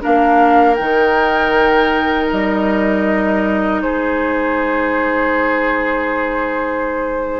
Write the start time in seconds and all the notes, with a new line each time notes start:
0.00 A#3 D4 A#4 F5
0.75 D#3 D#4 G5
2.30 G3 D#5
3.82 G#3 G#4 C5